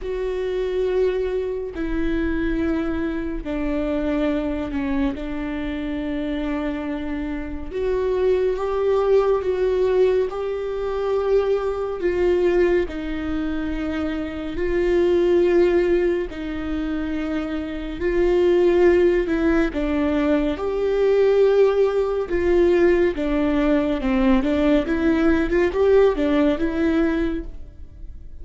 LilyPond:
\new Staff \with { instrumentName = "viola" } { \time 4/4 \tempo 4 = 70 fis'2 e'2 | d'4. cis'8 d'2~ | d'4 fis'4 g'4 fis'4 | g'2 f'4 dis'4~ |
dis'4 f'2 dis'4~ | dis'4 f'4. e'8 d'4 | g'2 f'4 d'4 | c'8 d'8 e'8. f'16 g'8 d'8 e'4 | }